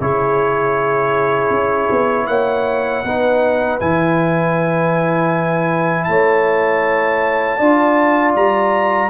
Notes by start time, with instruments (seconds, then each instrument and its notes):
0.00 tuba C#3, trombone E4, horn G#4, trumpet C#5
1.50 tuba C#4
1.90 tuba B3
2.27 tuba A#3, horn C#5, trumpet F#5
3.04 tuba B3, trombone D#4, horn B4
3.80 tuba E3, trombone E4, trumpet G#5
6.04 tuba A3, horn C#5, trumpet A5
7.58 tuba D4, trombone F4, horn D5
8.35 tuba G3, trumpet A#5